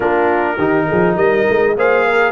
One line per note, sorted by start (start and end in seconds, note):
0.00 0.57 A#3
0.00 0.57 D4
0.00 0.56 F4
0.00 1.16 A#4
0.57 0.87 D#3
0.57 1.76 D#4
0.57 0.87 G4
0.88 1.16 F3
0.88 1.15 G#4
1.15 1.46 G3
1.15 1.74 A#4
1.15 1.75 D#5
1.49 1.76 G#3
1.76 2.31 A#3
1.76 2.31 G#4
1.76 2.05 C5
1.76 2.31 F5
2.05 2.31 A#4